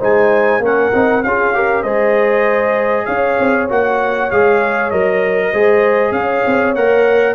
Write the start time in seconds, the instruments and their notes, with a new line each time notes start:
0.00 tuba G#3, trombone D#4, horn C5, trumpet G#5
0.60 tuba A#3, trombone C#4, horn A#4, trumpet F#5
0.93 tuba C4, trombone D#4
1.23 tuba C#4, trombone F4, horn G#4, trumpet F5
1.54 trombone G4, horn A#4
1.84 tuba G#3, trombone G#4, horn C5, trumpet D#5
3.06 tuba C#4, horn C#5, trumpet F5
3.40 tuba C4
3.69 tuba A#3, trombone F#4, trumpet F#5
4.31 tuba G#3, trombone G#4, trumpet F5
4.91 tuba F#3, trombone A#4, trumpet D#5
5.52 tuba G#3, trombone G#4, horn C5
6.12 tuba C#4, horn C#5, trumpet F5
6.47 tuba C4
6.75 tuba A#3, trombone A#4, trumpet F#5